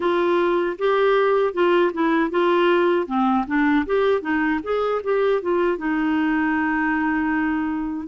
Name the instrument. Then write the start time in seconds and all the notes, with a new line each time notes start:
clarinet
0.00 F4
0.78 G4
1.53 F4
1.93 E4
2.30 F4
3.06 C4
3.47 D4
3.86 G4
4.21 D#4
4.63 G#4
5.03 G4
5.42 F4
5.77 D#4